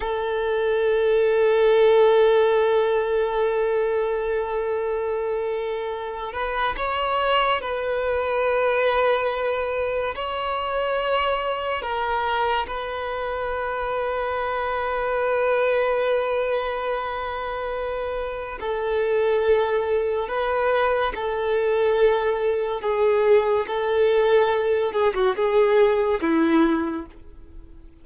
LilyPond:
\new Staff \with { instrumentName = "violin" } { \time 4/4 \tempo 4 = 71 a'1~ | a'2.~ a'8 b'8 | cis''4 b'2. | cis''2 ais'4 b'4~ |
b'1~ | b'2 a'2 | b'4 a'2 gis'4 | a'4. gis'16 fis'16 gis'4 e'4 | }